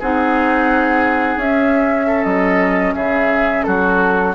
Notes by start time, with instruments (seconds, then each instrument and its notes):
0.00 bassoon C4, clarinet D#4, oboe G#4, flute F#5
1.37 bassoon C#4, clarinet C#4, flute E5
2.07 oboe A4
2.24 bassoon F#3, flute D#5
2.95 bassoon C#3, oboe G#4, flute E5
3.64 bassoon F#3, oboe F#4, flute A4